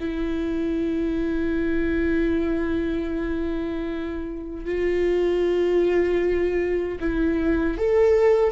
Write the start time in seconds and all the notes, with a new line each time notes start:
0.00 E4
4.65 F4
7.00 E4
7.78 A4